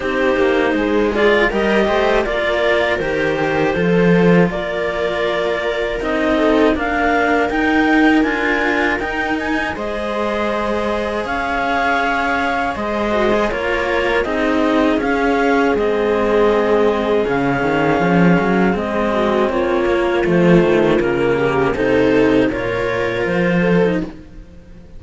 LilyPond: <<
  \new Staff \with { instrumentName = "clarinet" } { \time 4/4 \tempo 4 = 80 c''4. d''8 dis''4 d''4 | c''2 d''2 | dis''4 f''4 g''4 gis''4 | g''8 gis''8 dis''2 f''4~ |
f''4 dis''4 cis''4 dis''4 | f''4 dis''2 f''4~ | f''4 dis''4 cis''4 c''4 | ais'4 c''4 cis''4 c''4 | }
  \new Staff \with { instrumentName = "viola" } { \time 4/4 g'4 gis'4 ais'8 c''8 ais'4~ | ais'4 a'4 ais'2~ | ais'8 a'8 ais'2.~ | ais'4 c''2 cis''4~ |
cis''4 c''4 ais'4 gis'4~ | gis'1~ | gis'4. fis'8 f'2~ | f'8 g'8 a'4 ais'4. a'8 | }
  \new Staff \with { instrumentName = "cello" } { \time 4/4 dis'4. f'8 g'4 f'4 | g'4 f'2. | dis'4 d'4 dis'4 f'4 | dis'4 gis'2.~ |
gis'4. fis'16 gis'16 f'4 dis'4 | cis'4 c'2 cis'4~ | cis'4 c'4. ais8 a4 | ais4 dis'4 f'4.~ f'16 dis'16 | }
  \new Staff \with { instrumentName = "cello" } { \time 4/4 c'8 ais8 gis4 g8 a8 ais4 | dis4 f4 ais2 | c'4 ais4 dis'4 d'4 | dis'4 gis2 cis'4~ |
cis'4 gis4 ais4 c'4 | cis'4 gis2 cis8 dis8 | f8 fis8 gis4 ais4 f8 dis8 | cis4 c4 ais,4 f4 | }
>>